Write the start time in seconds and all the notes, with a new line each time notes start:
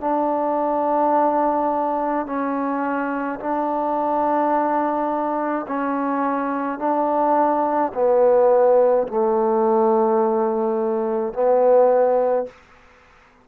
0.00 D4
2.26 C#4
3.39 D4
5.68 C#4
6.79 D4
7.93 B3
9.07 A3
11.33 B3